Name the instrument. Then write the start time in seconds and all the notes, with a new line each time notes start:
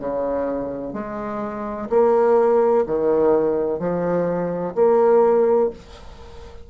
bassoon
0.00 C#3
0.94 G#3
1.90 A#3
2.87 D#3
3.80 F3
4.75 A#3